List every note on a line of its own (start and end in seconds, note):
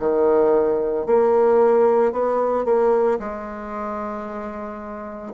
0.00 1.07 D#3
1.07 2.13 A#3
2.13 2.65 B3
2.65 3.19 A#3
3.19 5.34 G#3